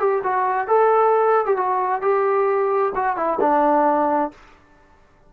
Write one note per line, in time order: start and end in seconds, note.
0.00 0.23 G4
0.24 0.68 F#4
0.68 1.46 A4
1.46 1.57 G4
1.57 2.02 F#4
2.02 2.93 G4
2.96 3.17 F#4
3.17 3.39 E4
3.41 4.32 D4